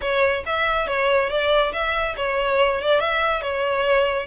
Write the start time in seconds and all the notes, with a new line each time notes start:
0.01 C#5
0.46 E5
0.87 C#5
1.29 D5
1.72 E5
2.16 C#5
2.81 D5
3.00 E5
3.42 C#5